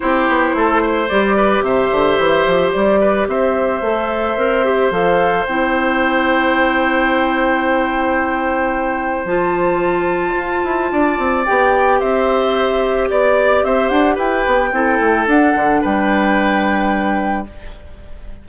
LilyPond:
<<
  \new Staff \with { instrumentName = "flute" } { \time 4/4 \tempo 4 = 110 c''2 d''4 e''4~ | e''4 d''4 e''2~ | e''4 f''4 g''2~ | g''1~ |
g''4 a''2.~ | a''4 g''4 e''2 | d''4 e''8 fis''8 g''2 | fis''4 g''2. | }
  \new Staff \with { instrumentName = "oboe" } { \time 4/4 g'4 a'8 c''4 b'8 c''4~ | c''4. b'8 c''2~ | c''1~ | c''1~ |
c''1 | d''2 c''2 | d''4 c''4 b'4 a'4~ | a'4 b'2. | }
  \new Staff \with { instrumentName = "clarinet" } { \time 4/4 e'2 g'2~ | g'2. a'4 | ais'8 g'8 a'4 e'2~ | e'1~ |
e'4 f'2.~ | f'4 g'2.~ | g'2. e'4 | d'1 | }
  \new Staff \with { instrumentName = "bassoon" } { \time 4/4 c'8 b8 a4 g4 c8 d8 | e8 f8 g4 c'4 a4 | c'4 f4 c'2~ | c'1~ |
c'4 f2 f'8 e'8 | d'8 c'8 b4 c'2 | b4 c'8 d'8 e'8 b8 c'8 a8 | d'8 d8 g2. | }
>>